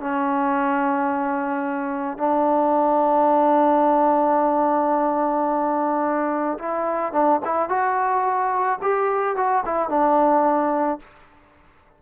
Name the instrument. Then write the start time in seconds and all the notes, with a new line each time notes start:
trombone
0.00 C#4
2.17 D4
6.59 E4
7.12 D4
7.45 E4
7.69 F#4
8.82 G4
9.36 F#4
9.65 E4
9.89 D4